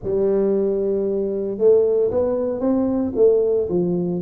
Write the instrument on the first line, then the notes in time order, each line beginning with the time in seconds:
tuba
0.03 G3
1.57 A3
2.11 B3
2.60 C4
3.15 A3
3.69 F3